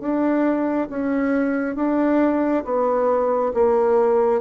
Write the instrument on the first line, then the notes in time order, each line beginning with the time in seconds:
bassoon
0.00 D4
0.90 C#4
1.76 D4
2.64 B3
3.54 A#3